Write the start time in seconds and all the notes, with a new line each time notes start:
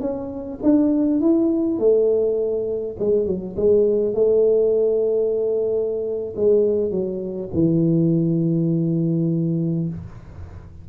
0.00 C#4
0.62 D4
1.20 E4
1.79 A3
2.99 G#3
3.26 F#3
3.56 G#3
4.14 A3
6.36 G#3
6.91 F#3
7.53 E3